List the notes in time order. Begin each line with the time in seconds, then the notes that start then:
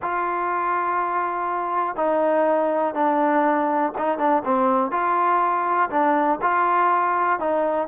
0.02 F4
1.96 D#4
2.94 D4
3.97 D#4
4.18 D4
4.44 C4
4.91 F4
5.90 D4
6.41 F4
7.39 D#4